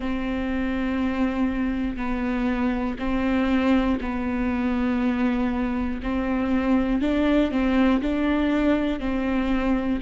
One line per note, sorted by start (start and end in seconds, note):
0.00 1.96 C4
1.96 2.96 B3
2.99 3.99 C4
4.00 6.00 B3
6.02 7.01 C4
7.01 7.50 D4
7.50 8.00 C4
8.01 9.00 D4
9.00 10.00 C4